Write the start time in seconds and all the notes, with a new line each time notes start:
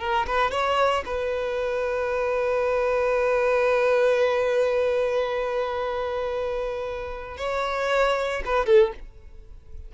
0.00 A#4
0.27 B4
0.51 C#5
1.06 B4
7.38 C#5
8.45 B4
8.66 A4